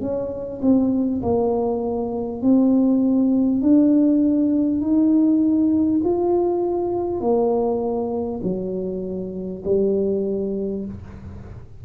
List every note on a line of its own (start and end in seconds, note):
0.00 0.60 C#4
0.62 1.22 C4
1.22 2.41 A#3
2.41 3.61 C4
3.62 4.81 D4
4.81 6.01 D#4
6.03 7.20 F4
7.20 8.40 A#3
8.43 9.63 F#3
9.64 10.84 G3